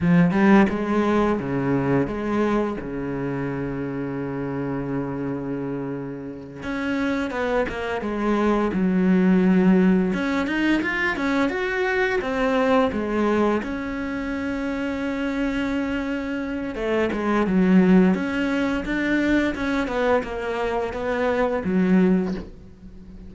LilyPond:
\new Staff \with { instrumentName = "cello" } { \time 4/4 \tempo 4 = 86 f8 g8 gis4 cis4 gis4 | cis1~ | cis4. cis'4 b8 ais8 gis8~ | gis8 fis2 cis'8 dis'8 f'8 |
cis'8 fis'4 c'4 gis4 cis'8~ | cis'1 | a8 gis8 fis4 cis'4 d'4 | cis'8 b8 ais4 b4 fis4 | }